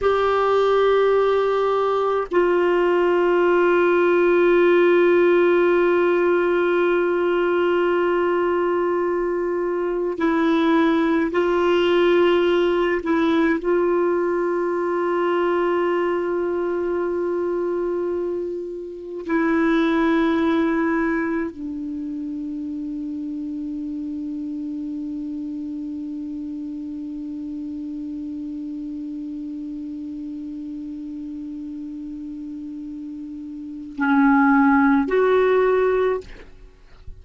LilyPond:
\new Staff \with { instrumentName = "clarinet" } { \time 4/4 \tempo 4 = 53 g'2 f'2~ | f'1~ | f'4 e'4 f'4. e'8 | f'1~ |
f'4 e'2 d'4~ | d'1~ | d'1~ | d'2 cis'4 fis'4 | }